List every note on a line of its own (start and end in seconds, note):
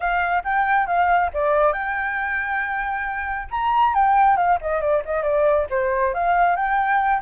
0.00 0.43 F5
0.44 0.86 G5
0.86 1.30 F5
1.33 1.72 D5
1.72 3.47 G5
3.50 3.94 A#5
3.94 4.37 G5
4.37 4.58 F5
4.61 4.81 D#5
4.81 5.02 D5
5.05 5.23 D#5
5.23 5.66 D5
5.70 6.13 C5
6.14 6.56 F5
6.56 7.21 G5